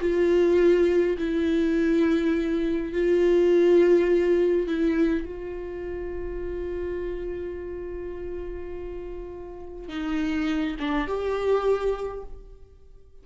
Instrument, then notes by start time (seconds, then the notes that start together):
viola
0.00 F4
1.18 E4
2.93 F4
4.67 E4
5.25 F4
9.88 D#4
10.79 D4
11.07 G4